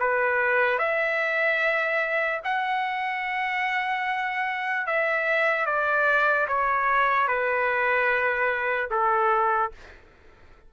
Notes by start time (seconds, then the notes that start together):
0.00 B4
0.79 E5
2.44 F#5
4.87 E5
5.66 D5
6.48 C#5
7.28 B4
8.91 A4